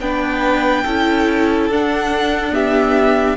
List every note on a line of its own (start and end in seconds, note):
0.00 0.85 B3
0.00 0.86 D4
0.00 0.84 B4
0.00 1.69 G5
0.84 1.69 C#4
0.84 1.72 E4
0.84 2.53 A4
1.69 3.37 D4
1.69 2.51 D4
1.69 2.54 F#5
2.51 3.36 B3
2.51 3.37 G4
2.51 3.37 E5